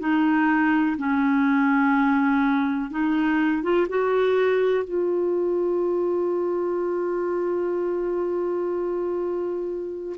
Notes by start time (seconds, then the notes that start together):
0.00 D#4
0.98 C#4
2.91 D#4
3.63 F4
3.89 F#4
4.85 F4